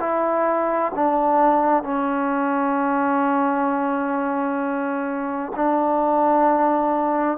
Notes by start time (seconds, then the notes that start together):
0.00 E4
0.95 D4
1.83 C#4
5.56 D4